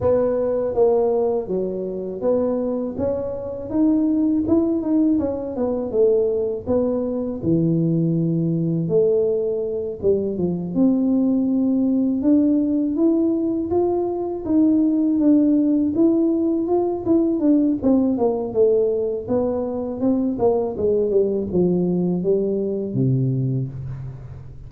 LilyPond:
\new Staff \with { instrumentName = "tuba" } { \time 4/4 \tempo 4 = 81 b4 ais4 fis4 b4 | cis'4 dis'4 e'8 dis'8 cis'8 b8 | a4 b4 e2 | a4. g8 f8 c'4.~ |
c'8 d'4 e'4 f'4 dis'8~ | dis'8 d'4 e'4 f'8 e'8 d'8 | c'8 ais8 a4 b4 c'8 ais8 | gis8 g8 f4 g4 c4 | }